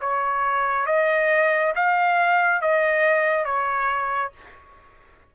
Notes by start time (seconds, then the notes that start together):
0.00 C#5
0.86 D#5
1.75 F5
2.61 D#5
3.45 C#5